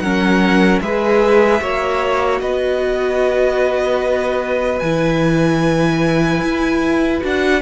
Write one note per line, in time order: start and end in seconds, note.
0.00 0.80 F#3
0.00 0.83 C#4
0.00 0.83 A#4
0.00 0.80 F#5
0.81 1.61 G#3
0.81 1.61 G#4
0.81 1.61 B4
0.81 2.41 E5
1.61 2.41 A#3
1.61 4.81 F#4
1.61 2.41 C#5
2.41 4.81 B3
2.41 7.62 B4
2.41 4.80 D#5
4.80 6.41 E3
4.80 7.21 E4
4.80 7.20 G#5
6.42 7.22 E4
7.21 7.62 D4
7.21 7.61 F#4
7.21 7.62 F#5